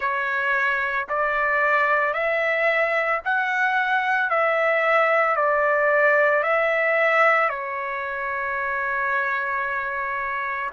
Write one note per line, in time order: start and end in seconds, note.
0.00 1.07 C#5
1.09 2.13 D5
2.13 3.20 E5
3.24 4.30 F#5
4.30 5.36 E5
5.36 6.43 D5
6.43 7.49 E5
7.49 10.70 C#5